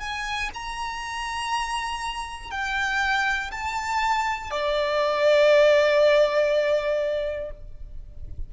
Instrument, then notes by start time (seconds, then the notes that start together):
violin
0.00 G#5
0.54 A#5
2.51 G5
3.51 A5
4.50 D5